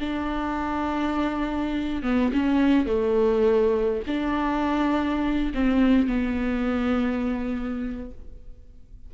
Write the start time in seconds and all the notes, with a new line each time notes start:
0.00 D4
2.03 B3
2.33 C#4
2.86 A3
4.07 D4
5.54 C4
6.07 B3